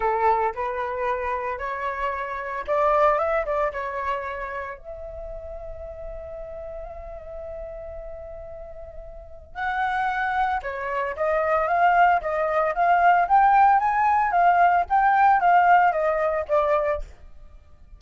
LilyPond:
\new Staff \with { instrumentName = "flute" } { \time 4/4 \tempo 4 = 113 a'4 b'2 cis''4~ | cis''4 d''4 e''8 d''8 cis''4~ | cis''4 e''2.~ | e''1~ |
e''2 fis''2 | cis''4 dis''4 f''4 dis''4 | f''4 g''4 gis''4 f''4 | g''4 f''4 dis''4 d''4 | }